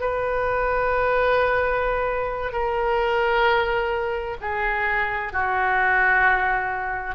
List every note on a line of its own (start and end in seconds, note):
0.00 2.52 B4
2.52 4.37 A#4
4.41 5.32 G#4
5.32 7.15 F#4